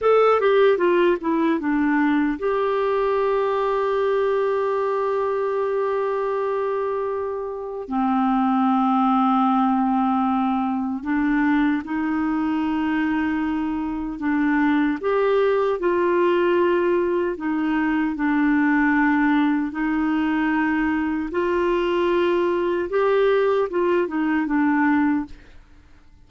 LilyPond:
\new Staff \with { instrumentName = "clarinet" } { \time 4/4 \tempo 4 = 76 a'8 g'8 f'8 e'8 d'4 g'4~ | g'1~ | g'2 c'2~ | c'2 d'4 dis'4~ |
dis'2 d'4 g'4 | f'2 dis'4 d'4~ | d'4 dis'2 f'4~ | f'4 g'4 f'8 dis'8 d'4 | }